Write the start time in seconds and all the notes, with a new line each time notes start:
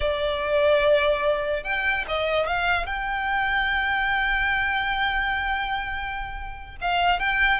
0.00 D5
1.63 G5
2.08 D#5
2.46 F5
2.85 G5
6.81 F5
7.19 G5